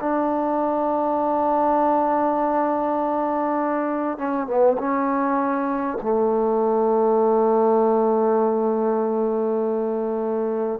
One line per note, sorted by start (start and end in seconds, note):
0.00 4.18 D4
4.18 4.47 C#4
4.47 4.77 B3
4.78 5.98 C#4
6.02 10.79 A3